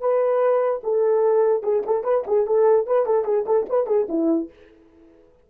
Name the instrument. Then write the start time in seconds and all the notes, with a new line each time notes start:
horn
0.00 B4
0.83 A4
1.63 G#4
1.86 A4
2.04 B4
2.27 G#4
2.47 A4
2.87 B4
3.06 A4
3.25 G#4
3.46 A4
3.69 B4
3.87 G#4
4.09 E4